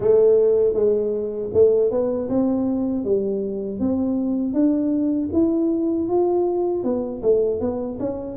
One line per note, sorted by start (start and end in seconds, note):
0.00 0.73 A3
0.73 1.49 G#3
1.53 1.90 A3
1.90 2.28 B3
2.29 3.04 C4
3.04 3.79 G3
3.79 4.53 C4
4.53 5.29 D4
5.32 6.08 E4
6.08 6.84 F4
6.84 7.22 B3
7.22 7.60 A3
7.60 7.98 B3
7.99 8.37 C#4